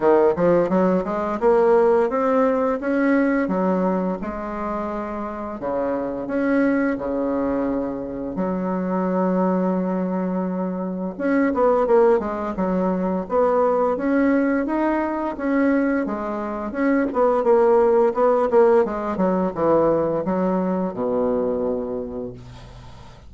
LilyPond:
\new Staff \with { instrumentName = "bassoon" } { \time 4/4 \tempo 4 = 86 dis8 f8 fis8 gis8 ais4 c'4 | cis'4 fis4 gis2 | cis4 cis'4 cis2 | fis1 |
cis'8 b8 ais8 gis8 fis4 b4 | cis'4 dis'4 cis'4 gis4 | cis'8 b8 ais4 b8 ais8 gis8 fis8 | e4 fis4 b,2 | }